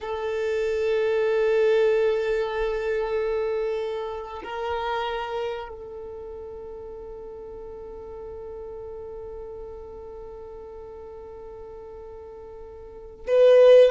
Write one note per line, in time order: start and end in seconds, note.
0.00 4.42 A4
4.43 5.68 A#4
5.68 13.26 A4
13.27 13.90 B4